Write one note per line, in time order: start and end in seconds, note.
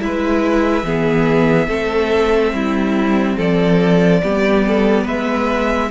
0.00 0.83 G#3
0.00 0.85 E4
0.00 0.86 B4
0.00 3.38 E5
0.83 1.68 E3
0.83 1.68 B3
0.83 1.68 G#4
1.68 2.52 A3
1.68 4.22 C4
1.68 2.53 A4
2.52 3.37 G3
2.52 3.37 E4
3.37 4.22 F3
3.37 4.21 A4
3.37 5.07 D5
4.22 5.06 G3
4.22 5.91 B3
4.22 4.66 G4
4.67 5.03 A4
5.03 5.90 G#3
5.03 5.87 B4
5.03 5.91 E5